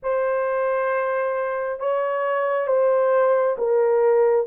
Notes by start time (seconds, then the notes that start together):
0.02 C5
1.79 C#5
2.67 C5
3.58 A#4